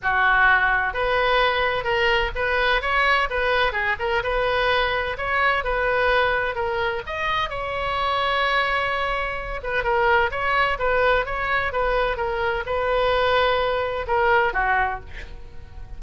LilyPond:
\new Staff \with { instrumentName = "oboe" } { \time 4/4 \tempo 4 = 128 fis'2 b'2 | ais'4 b'4 cis''4 b'4 | gis'8 ais'8 b'2 cis''4 | b'2 ais'4 dis''4 |
cis''1~ | cis''8 b'8 ais'4 cis''4 b'4 | cis''4 b'4 ais'4 b'4~ | b'2 ais'4 fis'4 | }